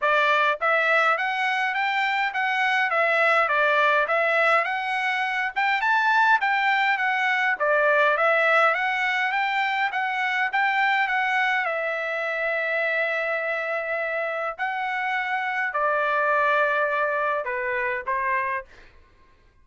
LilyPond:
\new Staff \with { instrumentName = "trumpet" } { \time 4/4 \tempo 4 = 103 d''4 e''4 fis''4 g''4 | fis''4 e''4 d''4 e''4 | fis''4. g''8 a''4 g''4 | fis''4 d''4 e''4 fis''4 |
g''4 fis''4 g''4 fis''4 | e''1~ | e''4 fis''2 d''4~ | d''2 b'4 c''4 | }